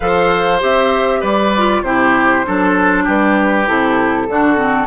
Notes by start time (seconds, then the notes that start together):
0.00 F3 A4 C5 F5
0.59 C4 G4 E5
1.20 G3 B4 D5
1.57 F4
1.82 C3 E4 G4 C5
2.45 F#3 D4 A4
3.04 G3 G4 B4
3.66 C3 E4 A4
4.28 D3 D4 F#4
4.56 C4